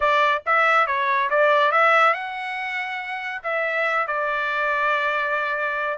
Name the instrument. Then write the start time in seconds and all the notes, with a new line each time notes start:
trumpet
0.00 D5
0.46 E5
0.86 C#5
1.30 D5
1.71 E5
2.13 F#5
3.43 E5
4.07 D5